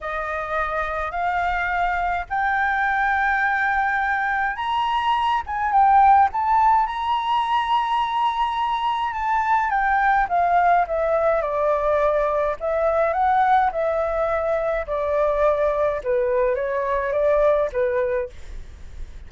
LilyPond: \new Staff \with { instrumentName = "flute" } { \time 4/4 \tempo 4 = 105 dis''2 f''2 | g''1 | ais''4. gis''8 g''4 a''4 | ais''1 |
a''4 g''4 f''4 e''4 | d''2 e''4 fis''4 | e''2 d''2 | b'4 cis''4 d''4 b'4 | }